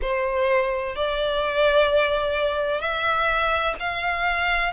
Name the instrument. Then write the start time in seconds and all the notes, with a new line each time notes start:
violin
0.01 C5
0.95 D5
2.80 E5
3.79 F5